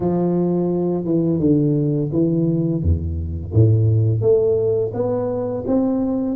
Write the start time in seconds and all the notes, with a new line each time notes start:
0.00 F3
1.04 E3
1.39 D3
2.11 E3
2.82 E2
3.53 A2
4.21 A3
4.93 B3
5.66 C4